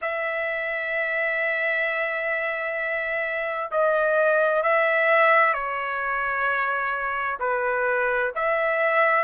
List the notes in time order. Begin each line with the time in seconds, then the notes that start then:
0.01 E5
3.71 D#5
4.62 E5
5.53 C#5
7.39 B4
8.35 E5